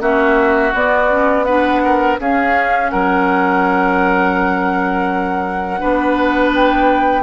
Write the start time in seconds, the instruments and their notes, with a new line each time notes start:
0.00 bassoon A#3, clarinet C#4, oboe F#4, flute E5
0.74 bassoon B3, clarinet B3, flute D5
1.09 clarinet C#4
1.44 clarinet D4, oboe B4, flute F#5
1.84 oboe A#4
2.19 clarinet C#4, bassoon C#4, oboe G#4, flute F5
2.90 bassoon F#3, oboe A#4, flute F#5
5.79 bassoon B3, clarinet D4, oboe B4
6.55 flute G5